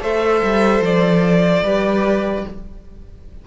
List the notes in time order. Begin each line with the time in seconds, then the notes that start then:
0.00 A3 A4 C5 E5
0.43 G3
0.80 F3 D5
1.62 G3 G4 B4